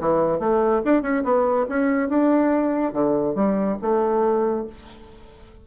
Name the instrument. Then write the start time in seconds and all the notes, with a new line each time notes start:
bassoon
0.00 E3
0.39 A3
0.85 D4
1.02 C#4
1.24 B3
1.69 C#4
2.09 D4
2.93 D3
3.35 G3
3.82 A3